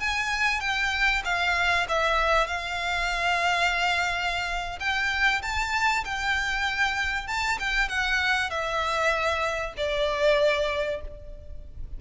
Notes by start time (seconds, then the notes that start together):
0.00 G#5
0.61 G5
1.25 F5
1.89 E5
2.47 F5
4.80 G5
5.43 A5
6.05 G5
7.28 A5
7.60 G5
7.89 F#5
8.50 E5
9.77 D5